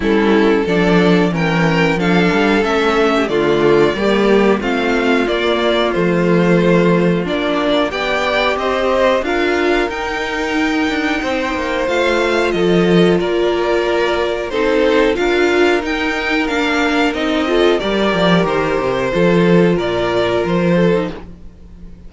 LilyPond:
<<
  \new Staff \with { instrumentName = "violin" } { \time 4/4 \tempo 4 = 91 a'4 d''4 g''4 f''4 | e''4 d''2 f''4 | d''4 c''2 d''4 | g''4 dis''4 f''4 g''4~ |
g''2 f''4 dis''4 | d''2 c''4 f''4 | g''4 f''4 dis''4 d''4 | c''2 d''4 c''4 | }
  \new Staff \with { instrumentName = "violin" } { \time 4/4 e'4 a'4 ais'4 a'4~ | a'8. g'16 f'4 g'4 f'4~ | f'1 | d''4 c''4 ais'2~ |
ais'4 c''2 a'4 | ais'2 a'4 ais'4~ | ais'2~ ais'8 a'8 ais'4~ | ais'4 a'4 ais'4. a'8 | }
  \new Staff \with { instrumentName = "viola" } { \time 4/4 cis'4 d'4 cis'4 d'4 | cis'4 a4 ais4 c'4 | ais4 a2 d'4 | g'2 f'4 dis'4~ |
dis'2 f'2~ | f'2 dis'4 f'4 | dis'4 d'4 dis'8 f'8 g'4~ | g'4 f'2~ f'8. dis'16 | }
  \new Staff \with { instrumentName = "cello" } { \time 4/4 g4 f4 e4 f8 g8 | a4 d4 g4 a4 | ais4 f2 ais4 | b4 c'4 d'4 dis'4~ |
dis'8 d'8 c'8 ais8 a4 f4 | ais2 c'4 d'4 | dis'4 ais4 c'4 g8 f8 | dis8 c8 f4 ais,4 f4 | }
>>